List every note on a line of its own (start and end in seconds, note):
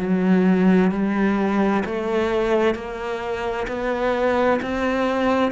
0.00 0.91 F#3
0.91 1.84 G3
1.86 2.75 A3
2.75 3.67 A#3
3.68 4.60 B3
4.62 5.52 C4